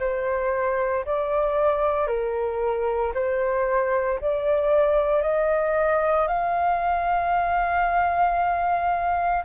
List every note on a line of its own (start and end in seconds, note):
0.00 1.05 C5
1.06 2.08 D5
2.08 3.13 A#4
3.15 4.20 C5
4.21 5.22 D5
5.22 6.28 D#5
6.28 9.44 F5